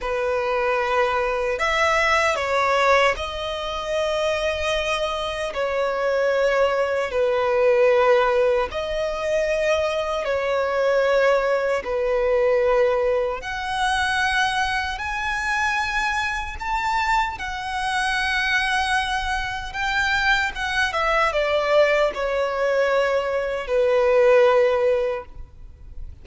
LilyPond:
\new Staff \with { instrumentName = "violin" } { \time 4/4 \tempo 4 = 76 b'2 e''4 cis''4 | dis''2. cis''4~ | cis''4 b'2 dis''4~ | dis''4 cis''2 b'4~ |
b'4 fis''2 gis''4~ | gis''4 a''4 fis''2~ | fis''4 g''4 fis''8 e''8 d''4 | cis''2 b'2 | }